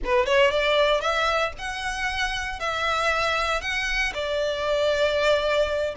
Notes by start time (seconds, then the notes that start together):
0.04 B4
0.26 C#5
0.50 D5
1.00 E5
1.58 F#5
2.59 E5
3.61 F#5
4.14 D5